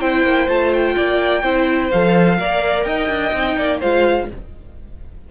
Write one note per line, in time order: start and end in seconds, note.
0.00 0.23 C4
0.00 0.48 E4
0.00 0.95 C5
0.00 0.48 G5
0.23 0.47 A#3
0.48 0.96 A3
0.48 1.43 F4
0.48 0.72 A5
0.73 1.90 G5
0.96 1.43 A#3
0.96 1.43 D5
1.43 1.91 C4
1.43 1.91 E4
1.43 2.38 C5
1.90 2.39 F3
1.90 2.38 A4
1.90 2.83 F5
2.38 2.86 A#3
2.38 3.33 A#4
2.38 2.87 D5
2.83 3.08 D#4
2.83 3.58 D#5
2.83 3.79 G5
3.08 3.32 D4
3.33 3.57 C4
3.33 3.81 D#4
3.57 3.81 A#3
3.57 3.80 D5
3.80 4.31 G#3
3.80 4.29 F4
3.80 4.27 C5
3.80 4.29 F5